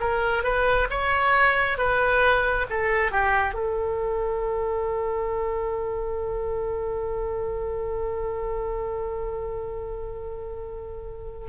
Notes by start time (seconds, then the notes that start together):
0.00 A#4
0.44 B4
0.90 C#5
1.78 B4
2.70 A4
3.12 G4
3.54 A4